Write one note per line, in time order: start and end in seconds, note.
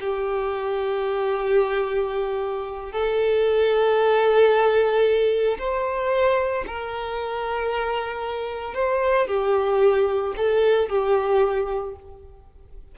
0.00 2.92 G4
2.92 5.58 A4
5.58 6.64 C5
6.67 8.74 A#4
8.74 9.27 C5
9.27 10.33 G4
10.36 10.89 A4
10.89 11.95 G4